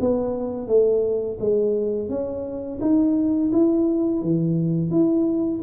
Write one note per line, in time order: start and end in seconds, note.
0.00 0.67 B3
0.67 1.38 A3
1.40 2.09 G#3
2.09 2.79 C#4
2.81 3.51 D#4
3.52 4.22 E4
4.22 4.90 E3
4.90 5.61 E4